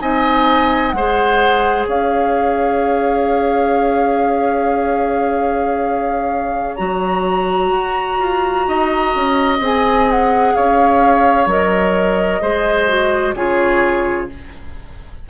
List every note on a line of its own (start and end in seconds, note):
0.00 0.93 C4
0.00 0.94 D#4
0.00 0.96 D#5
0.00 0.91 G#5
0.91 1.87 G#3
0.91 6.78 G#4
0.91 1.88 C5
0.91 1.85 F#5
1.87 6.79 C#4
1.87 8.68 C#5
1.87 6.76 F5
6.76 7.71 F#3
6.76 9.59 F#4
6.76 9.57 A#5
7.71 8.18 F#4
8.20 8.66 F4
8.68 9.15 D#4
8.68 10.55 D#5
9.15 9.60 C#4
9.60 10.53 C4
9.60 11.49 G#4
9.60 10.11 G#5
10.11 10.55 F#5
10.55 11.46 C#4
10.55 12.42 C#5
10.55 11.49 F5
11.46 12.40 F#3
11.46 12.42 A#4
11.46 13.35 D#5
12.42 13.35 G#3
12.42 12.88 G#4
12.42 13.35 C5
12.88 13.35 F#4
13.35 14.29 C#3
13.35 14.30 F4
13.35 14.30 G#4
13.35 14.29 C#5